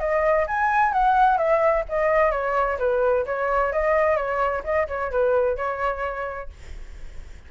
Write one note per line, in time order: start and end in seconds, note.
0.00 0.47 D#5
0.48 0.93 G#5
0.93 1.38 F#5
1.38 1.85 E5
1.89 2.32 D#5
2.32 2.78 C#5
2.79 3.26 B4
3.26 3.73 C#5
3.73 4.17 D#5
4.17 4.63 C#5
4.64 4.88 D#5
4.88 5.11 C#5
5.12 5.57 B4
5.57 6.50 C#5